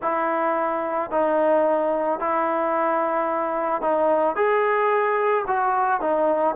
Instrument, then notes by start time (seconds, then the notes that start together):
trombone
0.01 E4
1.11 D#4
2.19 E4
3.81 D#4
4.35 G#4
5.47 F#4
6.00 D#4